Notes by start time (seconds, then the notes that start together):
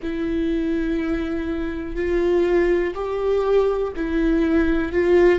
0.02 E4
1.95 F4
2.94 G4
3.96 E4
4.92 F4